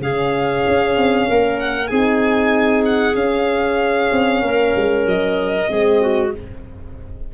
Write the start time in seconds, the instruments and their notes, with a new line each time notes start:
0.00 tuba C#3, horn C#4, clarinet G#4, violin F5
0.67 tuba C#4
0.97 tuba C4
1.28 tuba A#3, clarinet A#4
1.60 violin F#5
1.88 tuba C4, horn D#4, clarinet G#4, violin G#5
2.86 violin F#5
3.15 tuba C#4, horn C#4, violin F5
4.12 tuba C4
4.42 tuba A#3, clarinet A#4
4.77 tuba G#3
5.06 tuba F#3, violin D#5
5.69 tuba G#3, horn C4, clarinet G#4
6.02 clarinet F#4